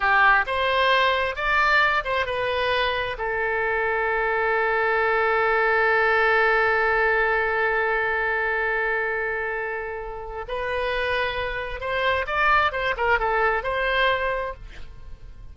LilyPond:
\new Staff \with { instrumentName = "oboe" } { \time 4/4 \tempo 4 = 132 g'4 c''2 d''4~ | d''8 c''8 b'2 a'4~ | a'1~ | a'1~ |
a'1~ | a'2. b'4~ | b'2 c''4 d''4 | c''8 ais'8 a'4 c''2 | }